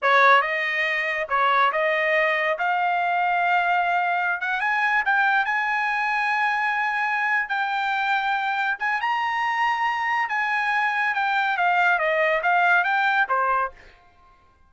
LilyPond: \new Staff \with { instrumentName = "trumpet" } { \time 4/4 \tempo 4 = 140 cis''4 dis''2 cis''4 | dis''2 f''2~ | f''2~ f''16 fis''8 gis''4 g''16~ | g''8. gis''2.~ gis''16~ |
gis''4. g''2~ g''8~ | g''8 gis''8 ais''2. | gis''2 g''4 f''4 | dis''4 f''4 g''4 c''4 | }